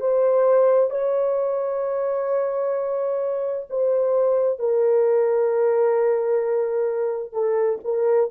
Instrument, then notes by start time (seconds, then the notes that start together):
horn
0.00 C5
0.90 C#5
3.70 C5
4.59 A#4
7.33 A4
7.84 A#4